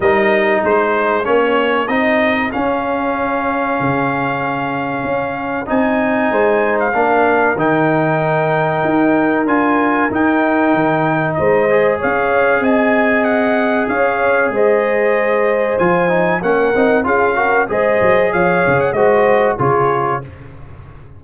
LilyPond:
<<
  \new Staff \with { instrumentName = "trumpet" } { \time 4/4 \tempo 4 = 95 dis''4 c''4 cis''4 dis''4 | f''1~ | f''4 gis''4.~ gis''16 f''4~ f''16 | g''2. gis''4 |
g''2 dis''4 f''4 | gis''4 fis''4 f''4 dis''4~ | dis''4 gis''4 fis''4 f''4 | dis''4 f''8. fis''16 dis''4 cis''4 | }
  \new Staff \with { instrumentName = "horn" } { \time 4/4 ais'4 gis'2.~ | gis'1~ | gis'2 c''4 ais'4~ | ais'1~ |
ais'2 c''4 cis''4 | dis''2 cis''4 c''4~ | c''2 ais'4 gis'8 ais'8 | c''4 cis''4 c''4 gis'4 | }
  \new Staff \with { instrumentName = "trombone" } { \time 4/4 dis'2 cis'4 dis'4 | cis'1~ | cis'4 dis'2 d'4 | dis'2. f'4 |
dis'2~ dis'8 gis'4.~ | gis'1~ | gis'4 f'8 dis'8 cis'8 dis'8 f'8 fis'8 | gis'2 fis'4 f'4 | }
  \new Staff \with { instrumentName = "tuba" } { \time 4/4 g4 gis4 ais4 c'4 | cis'2 cis2 | cis'4 c'4 gis4 ais4 | dis2 dis'4 d'4 |
dis'4 dis4 gis4 cis'4 | c'2 cis'4 gis4~ | gis4 f4 ais8 c'8 cis'4 | gis8 fis8 f8 cis8 gis4 cis4 | }
>>